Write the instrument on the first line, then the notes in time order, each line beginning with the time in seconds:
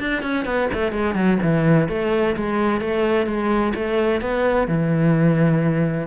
cello
0.00 D4
0.23 C#4
0.45 B3
0.74 A3
0.92 G#3
1.15 F#3
1.43 E3
1.89 A3
2.36 G#3
2.81 A3
3.27 G#3
3.75 A3
4.22 B3
4.68 E3